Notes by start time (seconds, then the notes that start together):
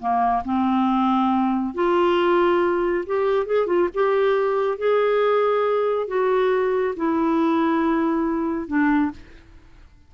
0.00 A#3
0.45 C4
1.74 F4
3.07 G4
3.47 G#4
3.67 F4
3.94 G4
4.78 G#4
6.08 F#4
6.97 E4
8.68 D4